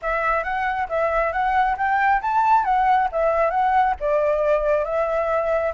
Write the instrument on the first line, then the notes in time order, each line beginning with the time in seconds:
flute
0.01 E5
0.43 F#5
0.88 E5
1.32 F#5
1.77 G5
2.21 A5
2.64 F#5
3.12 E5
3.50 F#5
4.00 D5
4.84 E5